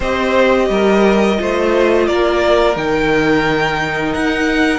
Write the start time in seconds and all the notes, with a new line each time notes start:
0.00 C4 G4 C5 D#5
0.69 G3 A#4
1.37 A3 F4 C5
2.07 A#3 A#4 D5
2.75 D#3 D#4 G5
4.13 D#4 F#5